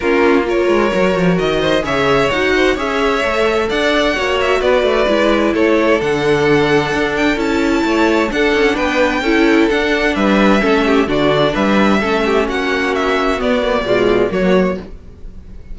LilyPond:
<<
  \new Staff \with { instrumentName = "violin" } { \time 4/4 \tempo 4 = 130 ais'4 cis''2 dis''4 | e''4 fis''4 e''2 | fis''4. e''8 d''2 | cis''4 fis''2~ fis''8 g''8 |
a''2 fis''4 g''4~ | g''4 fis''4 e''2 | d''4 e''2 fis''4 | e''4 d''2 cis''4 | }
  \new Staff \with { instrumentName = "violin" } { \time 4/4 f'4 ais'2~ ais'8 c''8 | cis''4. c''8 cis''2 | d''4 cis''4 b'2 | a'1~ |
a'4 cis''4 a'4 b'4 | a'2 b'4 a'8 g'8 | fis'4 b'4 a'8 g'8 fis'4~ | fis'2 f'4 fis'4 | }
  \new Staff \with { instrumentName = "viola" } { \time 4/4 cis'4 f'4 fis'2 | gis'4 fis'4 gis'4 a'4~ | a'4 fis'2 e'4~ | e'4 d'2. |
e'2 d'2 | e'4 d'2 cis'4 | d'2 cis'2~ | cis'4 b8 ais8 gis4 ais4 | }
  \new Staff \with { instrumentName = "cello" } { \time 4/4 ais4. gis8 fis8 f8 dis4 | cis4 dis'4 cis'4 a4 | d'4 ais4 b8 a8 gis4 | a4 d2 d'4 |
cis'4 a4 d'8 cis'8 b4 | cis'4 d'4 g4 a4 | d4 g4 a4 ais4~ | ais4 b4 b,4 fis4 | }
>>